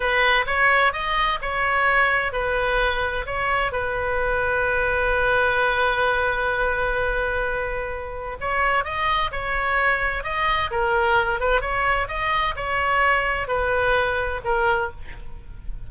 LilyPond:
\new Staff \with { instrumentName = "oboe" } { \time 4/4 \tempo 4 = 129 b'4 cis''4 dis''4 cis''4~ | cis''4 b'2 cis''4 | b'1~ | b'1~ |
b'2 cis''4 dis''4 | cis''2 dis''4 ais'4~ | ais'8 b'8 cis''4 dis''4 cis''4~ | cis''4 b'2 ais'4 | }